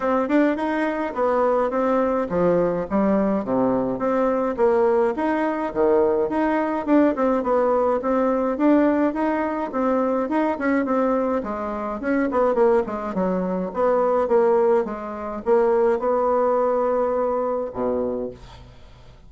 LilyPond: \new Staff \with { instrumentName = "bassoon" } { \time 4/4 \tempo 4 = 105 c'8 d'8 dis'4 b4 c'4 | f4 g4 c4 c'4 | ais4 dis'4 dis4 dis'4 | d'8 c'8 b4 c'4 d'4 |
dis'4 c'4 dis'8 cis'8 c'4 | gis4 cis'8 b8 ais8 gis8 fis4 | b4 ais4 gis4 ais4 | b2. b,4 | }